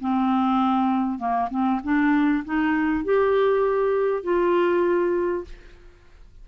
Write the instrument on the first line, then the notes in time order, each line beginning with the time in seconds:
clarinet
0.00 C4
1.18 A#3
1.50 C4
1.83 D4
2.45 D#4
3.04 G4
4.23 F4